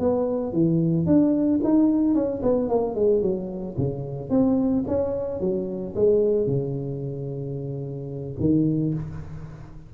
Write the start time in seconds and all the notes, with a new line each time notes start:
0.00 B3
0.53 E3
1.07 D4
1.64 D#4
2.15 C#4
2.43 B3
2.70 A#3
2.96 G#3
3.22 F#3
3.78 C#3
4.30 C4
4.88 C#4
5.41 F#3
5.96 G#3
6.47 C#3
8.40 D#3